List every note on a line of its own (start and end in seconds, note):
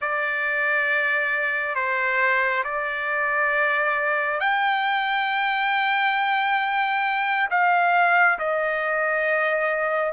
0.01 1.75 D5
1.75 2.63 C5
2.64 4.40 D5
4.40 7.48 G5
7.50 8.38 F5
8.38 10.13 D#5